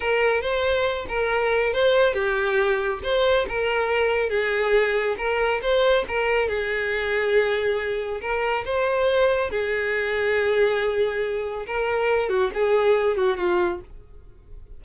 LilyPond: \new Staff \with { instrumentName = "violin" } { \time 4/4 \tempo 4 = 139 ais'4 c''4. ais'4. | c''4 g'2 c''4 | ais'2 gis'2 | ais'4 c''4 ais'4 gis'4~ |
gis'2. ais'4 | c''2 gis'2~ | gis'2. ais'4~ | ais'8 fis'8 gis'4. fis'8 f'4 | }